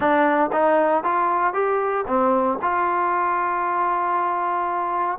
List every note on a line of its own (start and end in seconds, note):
0.00 0.50 D4
0.52 1.03 D#4
1.03 1.53 F4
1.53 2.05 G4
2.07 2.58 C4
2.62 5.18 F4